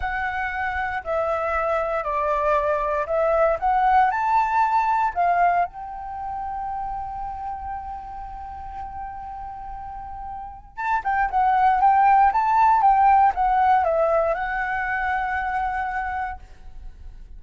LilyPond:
\new Staff \with { instrumentName = "flute" } { \time 4/4 \tempo 4 = 117 fis''2 e''2 | d''2 e''4 fis''4 | a''2 f''4 g''4~ | g''1~ |
g''1~ | g''4 a''8 g''8 fis''4 g''4 | a''4 g''4 fis''4 e''4 | fis''1 | }